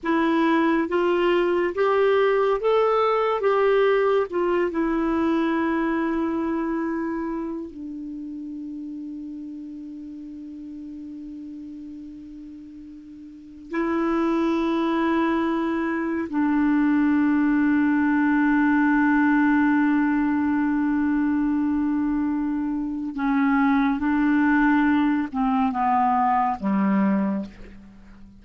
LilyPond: \new Staff \with { instrumentName = "clarinet" } { \time 4/4 \tempo 4 = 70 e'4 f'4 g'4 a'4 | g'4 f'8 e'2~ e'8~ | e'4 d'2.~ | d'1 |
e'2. d'4~ | d'1~ | d'2. cis'4 | d'4. c'8 b4 g4 | }